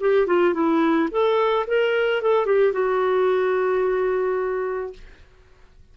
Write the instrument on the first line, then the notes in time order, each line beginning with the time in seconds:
clarinet
0.00 G4
0.27 F4
0.54 E4
1.11 A4
1.67 A#4
2.22 A4
2.46 G4
2.73 F#4